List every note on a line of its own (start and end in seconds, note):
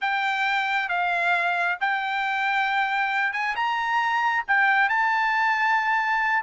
0.01 0.88 G5
0.88 1.77 F5
1.80 3.32 G5
3.32 3.55 G#5
3.55 4.44 A#5
4.47 4.89 G5
4.89 6.42 A5